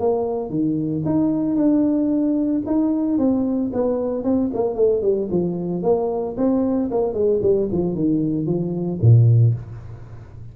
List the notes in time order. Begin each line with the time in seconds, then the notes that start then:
0.00 A#3
0.50 D#3
1.05 D#4
1.56 D4
2.66 D#4
3.18 C4
3.73 B3
4.24 C4
4.54 A#3
4.75 A3
5.02 G3
5.31 F3
5.83 A#3
6.37 C4
6.91 A#3
7.13 G#3
7.42 G3
7.72 F3
7.95 D#3
8.46 F3
9.01 A#2